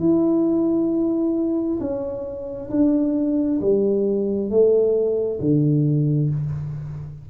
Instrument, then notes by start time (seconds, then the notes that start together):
tuba
0.00 E4
1.80 C#4
2.71 D4
3.61 G3
4.51 A3
5.41 D3